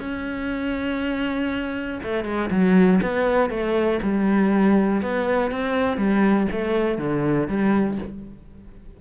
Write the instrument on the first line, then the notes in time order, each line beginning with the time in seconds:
cello
0.00 C#4
2.03 A3
2.25 G#3
2.50 F#3
3.02 B3
3.50 A3
4.02 G3
5.02 B3
5.51 C4
5.97 G3
6.52 A3
6.98 D3
7.48 G3